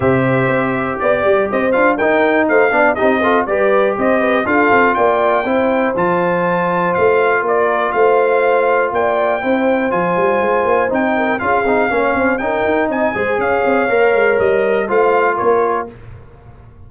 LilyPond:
<<
  \new Staff \with { instrumentName = "trumpet" } { \time 4/4 \tempo 4 = 121 e''2 d''4 dis''8 f''8 | g''4 f''4 dis''4 d''4 | dis''4 f''4 g''2 | a''2 f''4 d''4 |
f''2 g''2 | gis''2 g''4 f''4~ | f''4 g''4 gis''4 f''4~ | f''4 dis''4 f''4 cis''4 | }
  \new Staff \with { instrumentName = "horn" } { \time 4/4 c''2 d''4 c''4 | ais'4 c''8 d''8 g'8 a'8 b'4 | c''8 b'8 a'4 d''4 c''4~ | c''2. ais'4 |
c''2 d''4 c''4~ | c''2~ c''8 ais'8 gis'4 | cis''8 c''8 ais'4 dis''8 c''8 cis''4~ | cis''2 c''4 ais'4 | }
  \new Staff \with { instrumentName = "trombone" } { \time 4/4 g'2.~ g'8 f'8 | dis'4. d'8 dis'8 f'8 g'4~ | g'4 f'2 e'4 | f'1~ |
f'2. e'4 | f'2 dis'4 f'8 dis'8 | cis'4 dis'4. gis'4. | ais'2 f'2 | }
  \new Staff \with { instrumentName = "tuba" } { \time 4/4 c4 c'4 b8 g8 c'8 d'8 | dis'4 a8 b8 c'4 g4 | c'4 d'8 c'8 ais4 c'4 | f2 a4 ais4 |
a2 ais4 c'4 | f8 g8 gis8 ais8 c'4 cis'8 c'8 | ais8 c'8 cis'8 dis'8 c'8 gis8 cis'8 c'8 | ais8 gis8 g4 a4 ais4 | }
>>